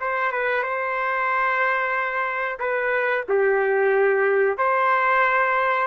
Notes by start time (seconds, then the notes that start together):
0.00 C5
0.32 B4
0.63 C5
2.60 B4
3.29 G4
4.58 C5